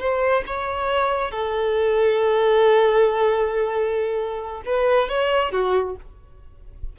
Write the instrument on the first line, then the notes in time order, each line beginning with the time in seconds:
violin
0.00 C5
0.47 C#5
1.32 A4
4.66 B4
5.09 C#5
5.52 F#4